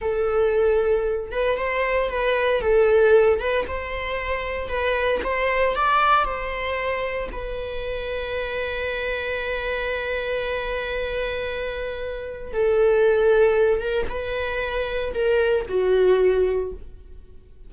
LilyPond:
\new Staff \with { instrumentName = "viola" } { \time 4/4 \tempo 4 = 115 a'2~ a'8 b'8 c''4 | b'4 a'4. b'8 c''4~ | c''4 b'4 c''4 d''4 | c''2 b'2~ |
b'1~ | b'1 | a'2~ a'8 ais'8 b'4~ | b'4 ais'4 fis'2 | }